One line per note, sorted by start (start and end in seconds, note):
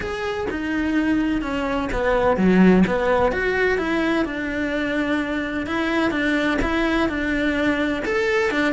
0.00 0.47 G#4
0.50 1.41 D#4
1.41 1.89 C#4
1.92 2.36 B3
2.36 2.84 F#3
2.86 3.32 B3
3.32 3.78 F#4
3.78 4.25 E4
4.25 5.66 D4
5.66 6.10 E4
6.10 6.58 D4
6.62 7.08 E4
7.08 8.03 D4
8.05 8.50 A4
8.50 8.73 D4